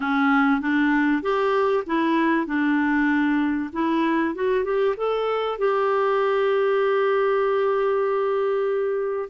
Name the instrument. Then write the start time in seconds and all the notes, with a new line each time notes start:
clarinet
0.00 C#4
0.60 D4
1.22 G4
1.86 E4
2.46 D4
3.73 E4
4.34 F#4
4.64 G4
4.96 A4
5.58 G4